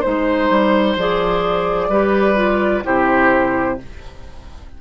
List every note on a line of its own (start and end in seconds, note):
0.00 0.50 G#3
0.00 0.97 D#4
0.00 1.88 C5
0.00 0.96 C5
0.50 0.96 G3
0.96 1.89 F3
0.96 1.91 G#4
0.96 2.85 D5
1.89 2.83 G3
1.89 2.35 G4
1.89 2.84 B4
2.35 2.82 F4
2.84 3.81 C3
2.84 3.77 E4
2.84 3.79 G4
2.84 3.79 C5